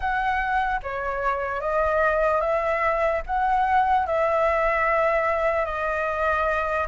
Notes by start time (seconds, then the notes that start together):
0.00 F#5
0.83 C#5
1.60 D#5
2.41 E5
3.26 F#5
4.06 E5
5.65 D#5